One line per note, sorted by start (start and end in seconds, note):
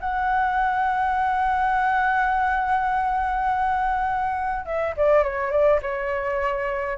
0.00 4.65 F#5
4.65 4.94 E5
4.97 5.23 D5
5.23 5.51 C#5
5.51 5.80 D5
5.82 6.97 C#5